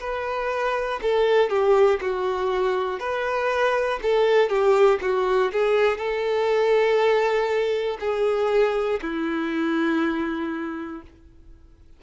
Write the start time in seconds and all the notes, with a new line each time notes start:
0.00 B4
1.01 A4
1.50 G4
2.00 F#4
2.99 B4
4.02 A4
4.49 G4
5.01 F#4
5.52 G#4
5.97 A4
8.00 G#4
9.02 E4